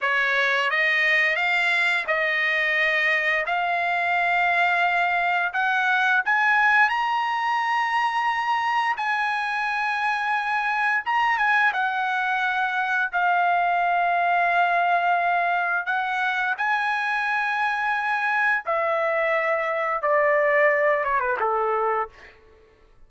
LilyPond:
\new Staff \with { instrumentName = "trumpet" } { \time 4/4 \tempo 4 = 87 cis''4 dis''4 f''4 dis''4~ | dis''4 f''2. | fis''4 gis''4 ais''2~ | ais''4 gis''2. |
ais''8 gis''8 fis''2 f''4~ | f''2. fis''4 | gis''2. e''4~ | e''4 d''4. cis''16 b'16 a'4 | }